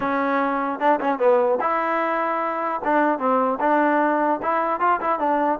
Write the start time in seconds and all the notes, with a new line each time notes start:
0.00 C#4
0.79 D4
1.00 C#4
1.19 B3
1.60 E4
2.84 D4
3.19 C4
3.59 D4
4.42 E4
4.80 F4
5.01 E4
5.19 D4